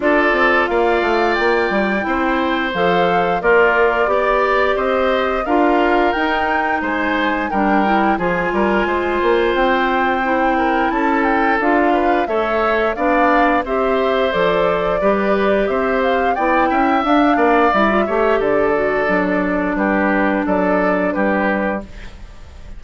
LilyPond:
<<
  \new Staff \with { instrumentName = "flute" } { \time 4/4 \tempo 4 = 88 d''4 f''4 g''2 | f''4 d''2 dis''4 | f''4 g''4 gis''4 g''4 | gis''2 g''2 |
a''8 g''8 f''4 e''4 f''4 | e''4 d''2 e''8 f''8 | g''4 f''4 e''4 d''4~ | d''4 b'4 d''4 b'4 | }
  \new Staff \with { instrumentName = "oboe" } { \time 4/4 a'4 d''2 c''4~ | c''4 f'4 d''4 c''4 | ais'2 c''4 ais'4 | gis'8 ais'8 c''2~ c''8 ais'8 |
a'4. b'8 cis''4 d''4 | c''2 b'4 c''4 | d''8 e''4 d''4 cis''8 a'4~ | a'4 g'4 a'4 g'4 | }
  \new Staff \with { instrumentName = "clarinet" } { \time 4/4 f'2. e'4 | a'4 ais'4 g'2 | f'4 dis'2 d'8 e'8 | f'2. e'4~ |
e'4 f'4 a'4 d'4 | g'4 a'4 g'2 | e'4 d'4 e'16 f'16 g'4 fis'8 | d'1 | }
  \new Staff \with { instrumentName = "bassoon" } { \time 4/4 d'8 c'8 ais8 a8 ais8 g8 c'4 | f4 ais4 b4 c'4 | d'4 dis'4 gis4 g4 | f8 g8 gis8 ais8 c'2 |
cis'4 d'4 a4 b4 | c'4 f4 g4 c'4 | b8 cis'8 d'8 ais8 g8 a8 d4 | fis4 g4 fis4 g4 | }
>>